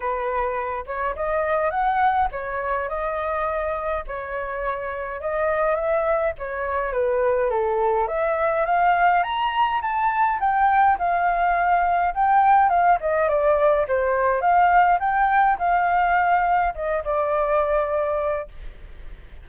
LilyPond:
\new Staff \with { instrumentName = "flute" } { \time 4/4 \tempo 4 = 104 b'4. cis''8 dis''4 fis''4 | cis''4 dis''2 cis''4~ | cis''4 dis''4 e''4 cis''4 | b'4 a'4 e''4 f''4 |
ais''4 a''4 g''4 f''4~ | f''4 g''4 f''8 dis''8 d''4 | c''4 f''4 g''4 f''4~ | f''4 dis''8 d''2~ d''8 | }